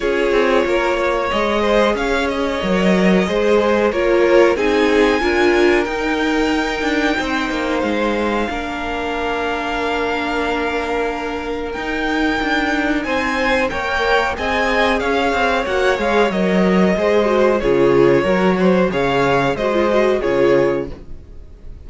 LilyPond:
<<
  \new Staff \with { instrumentName = "violin" } { \time 4/4 \tempo 4 = 92 cis''2 dis''4 f''8 dis''8~ | dis''2 cis''4 gis''4~ | gis''4 g''2. | f''1~ |
f''2 g''2 | gis''4 g''4 gis''4 f''4 | fis''8 f''8 dis''2 cis''4~ | cis''4 f''4 dis''4 cis''4 | }
  \new Staff \with { instrumentName = "violin" } { \time 4/4 gis'4 ais'8 cis''4 c''8 cis''4~ | cis''4 c''4 ais'4 gis'4 | ais'2. c''4~ | c''4 ais'2.~ |
ais'1 | c''4 cis''4 dis''4 cis''4~ | cis''2 c''4 gis'4 | ais'8 c''8 cis''4 c''4 gis'4 | }
  \new Staff \with { instrumentName = "viola" } { \time 4/4 f'2 gis'2 | ais'4 gis'4 f'4 dis'4 | f'4 dis'2.~ | dis'4 d'2.~ |
d'2 dis'2~ | dis'4 ais'4 gis'2 | fis'8 gis'8 ais'4 gis'8 fis'8 f'4 | fis'4 gis'4 fis'16 f'16 fis'8 f'4 | }
  \new Staff \with { instrumentName = "cello" } { \time 4/4 cis'8 c'8 ais4 gis4 cis'4 | fis4 gis4 ais4 c'4 | d'4 dis'4. d'8 c'8 ais8 | gis4 ais2.~ |
ais2 dis'4 d'4 | c'4 ais4 c'4 cis'8 c'8 | ais8 gis8 fis4 gis4 cis4 | fis4 cis4 gis4 cis4 | }
>>